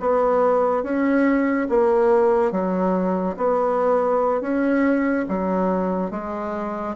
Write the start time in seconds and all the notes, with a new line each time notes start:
0.00 B3
0.83 C#4
1.69 A#3
2.52 F#3
3.36 B3
4.41 C#4
5.29 F#3
6.11 G#3